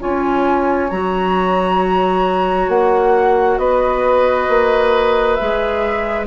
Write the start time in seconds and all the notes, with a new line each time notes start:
0.00 C#4 F4 C#5 G#5
0.90 F#3 F#4 A#5
2.68 A#3 F#5
3.58 B3 B4 D#5
4.49 A#3
5.35 G#4 E5
5.41 G#3